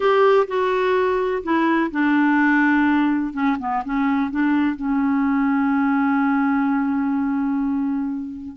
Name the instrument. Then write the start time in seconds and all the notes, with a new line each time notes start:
clarinet
0.00 G4
0.47 F#4
1.43 E4
1.91 D4
3.33 C#4
3.59 B3
3.84 C#4
4.30 D4
4.76 C#4